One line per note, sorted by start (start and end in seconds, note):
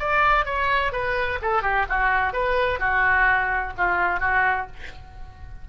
0.00 0.46 D5
0.46 0.93 C#5
0.93 1.40 B4
1.42 1.63 A4
1.63 1.86 G4
1.90 2.34 F#4
2.34 2.80 B4
2.80 3.74 F#4
3.78 4.20 F4
4.20 4.67 F#4